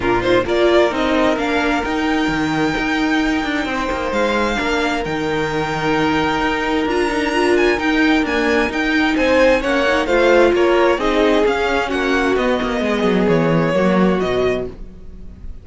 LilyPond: <<
  \new Staff \with { instrumentName = "violin" } { \time 4/4 \tempo 4 = 131 ais'8 c''8 d''4 dis''4 f''4 | g''1~ | g''4 f''2 g''4~ | g''2. ais''4~ |
ais''8 gis''8 g''4 gis''4 g''4 | gis''4 fis''4 f''4 cis''4 | dis''4 f''4 fis''4 dis''4~ | dis''4 cis''2 dis''4 | }
  \new Staff \with { instrumentName = "violin" } { \time 4/4 f'4 ais'2.~ | ais'1 | c''2 ais'2~ | ais'1~ |
ais'1 | c''4 cis''4 c''4 ais'4 | gis'2 fis'2 | gis'2 fis'2 | }
  \new Staff \with { instrumentName = "viola" } { \time 4/4 d'8 dis'8 f'4 dis'4 d'4 | dis'1~ | dis'2 d'4 dis'4~ | dis'2. f'8 dis'8 |
f'4 dis'4 ais4 dis'4~ | dis'4 cis'8 dis'8 f'2 | dis'4 cis'2 b4~ | b2 ais4 fis4 | }
  \new Staff \with { instrumentName = "cello" } { \time 4/4 ais,4 ais4 c'4 ais4 | dis'4 dis4 dis'4. d'8 | c'8 ais8 gis4 ais4 dis4~ | dis2 dis'4 d'4~ |
d'4 dis'4 d'4 dis'4 | c'4 ais4 a4 ais4 | c'4 cis'4 ais4 b8 ais8 | gis8 fis8 e4 fis4 b,4 | }
>>